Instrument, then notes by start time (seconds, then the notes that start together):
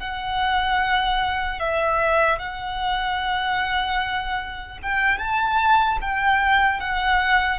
violin
0.00 F#5
1.60 E5
2.39 F#5
4.83 G5
5.19 A5
6.01 G5
6.80 F#5